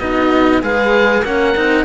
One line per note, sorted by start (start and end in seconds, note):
0.00 0.62 B3
0.00 0.62 D#4
0.00 0.63 F#4
0.00 0.62 D#5
0.62 1.23 G#3
0.62 1.25 G#4
0.62 1.24 B4
0.62 1.25 F5
1.23 1.54 A#3
1.23 1.56 C#4
1.23 1.85 A#4
1.23 1.85 F#5
1.56 1.85 C4
1.56 1.85 D#4